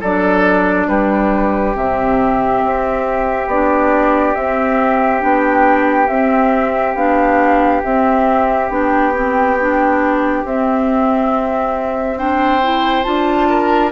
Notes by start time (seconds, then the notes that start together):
0.00 F#3 D4 A4 D5
0.87 G3 G4 B4
1.74 C3 C4 E5
2.64 C4
3.47 B3 D4 D5
4.35 C4 E5
5.19 B3 D4 G5
6.07 C4 E5
6.95 B3 D4 F5
7.83 C4 E5
8.69 B3 D4 G5
9.14 C4
9.60 D4
10.44 C4 E5
12.17 D4 C5 G5
12.62 E4
13.03 D4 F4 A5
13.49 A#4